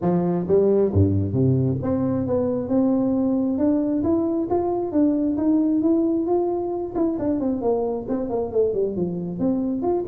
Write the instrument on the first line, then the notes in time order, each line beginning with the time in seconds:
tuba
0.01 F3
0.47 G3
0.92 G2
1.33 C3
1.82 C4
2.26 B3
2.68 C4
3.58 D4
4.03 E4
4.50 F4
4.92 D4
5.37 D#4
5.81 E4
6.26 F4
6.95 E4
7.18 D4
7.40 C4
7.61 A#3
8.08 C4
8.29 A#3
8.51 A3
8.73 G3
8.96 F3
9.39 C4
9.82 F4